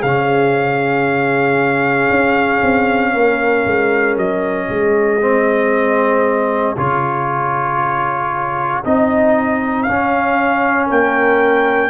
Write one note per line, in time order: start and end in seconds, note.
0.00 2.10 C#3
0.00 5.21 C#4
0.00 3.10 G#4
0.00 4.16 F5
2.10 2.62 C#4
2.62 3.14 C4
3.14 3.66 A#3
3.14 4.68 A#4
3.66 4.17 G#3
4.17 4.69 F#3
4.17 6.77 D#5
4.68 6.76 G#3
4.68 10.86 G#4
5.21 6.76 C4
6.77 8.84 C#3
6.77 8.84 F4
6.77 8.84 C#5
8.84 9.89 C4
8.84 9.87 D#4
8.84 9.83 D#5
9.83 11.90 C#4
9.83 10.86 F5
9.89 10.90 C#4
10.86 11.90 A#3
10.86 11.89 A#4
10.86 11.90 G5